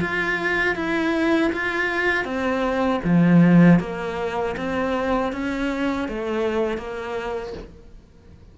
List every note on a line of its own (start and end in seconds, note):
0.00 0.75 F4
0.75 1.51 E4
1.52 2.24 F4
2.24 3.00 C4
3.03 3.79 F3
3.79 4.55 A#3
4.57 5.32 C4
5.32 6.08 C#4
6.08 6.77 A3
6.77 7.53 A#3